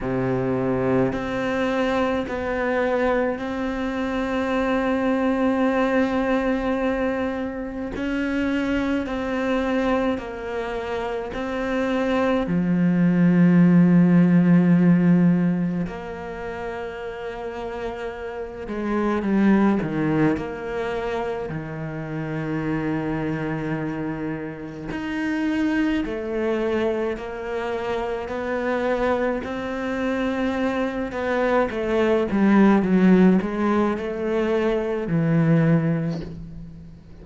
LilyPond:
\new Staff \with { instrumentName = "cello" } { \time 4/4 \tempo 4 = 53 c4 c'4 b4 c'4~ | c'2. cis'4 | c'4 ais4 c'4 f4~ | f2 ais2~ |
ais8 gis8 g8 dis8 ais4 dis4~ | dis2 dis'4 a4 | ais4 b4 c'4. b8 | a8 g8 fis8 gis8 a4 e4 | }